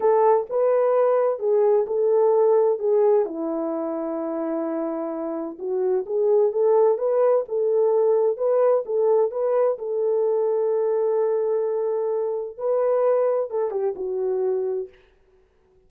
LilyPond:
\new Staff \with { instrumentName = "horn" } { \time 4/4 \tempo 4 = 129 a'4 b'2 gis'4 | a'2 gis'4 e'4~ | e'1 | fis'4 gis'4 a'4 b'4 |
a'2 b'4 a'4 | b'4 a'2.~ | a'2. b'4~ | b'4 a'8 g'8 fis'2 | }